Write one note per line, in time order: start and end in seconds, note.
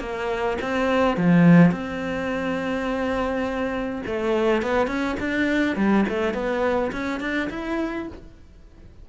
0.00 0.58 A#3
0.62 1.17 C4
1.17 1.72 F3
1.72 4.03 C4
4.07 4.63 A3
4.63 4.87 B3
4.87 5.16 C#4
5.20 5.76 D4
5.76 6.05 G3
6.09 6.34 A3
6.34 6.92 B3
6.93 7.20 C#4
7.20 7.49 D4
7.50 8.08 E4